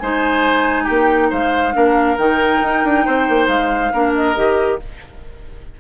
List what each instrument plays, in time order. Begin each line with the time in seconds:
0.00 bassoon G#3, clarinet D#4, oboe C5, flute G#5
0.84 bassoon A#3, oboe G4, flute G5
1.31 bassoon G#3, oboe C5, flute F5
1.73 bassoon A#3, clarinet D4, oboe A#4
2.18 bassoon D#3, clarinet D#4, flute G5
2.62 bassoon D#4
2.85 bassoon D4
3.06 bassoon C4, oboe C5
3.30 bassoon A#3
3.48 bassoon G#3, flute F5
3.93 bassoon A#3, clarinet D4, oboe A#4
4.15 flute D#5
4.36 bassoon D#3, clarinet G4